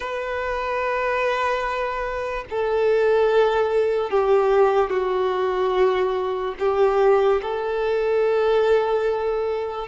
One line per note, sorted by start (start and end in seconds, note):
0.00 2.44 B4
2.50 4.10 A4
4.10 4.89 G4
4.89 6.54 F#4
6.59 7.41 G4
7.42 9.87 A4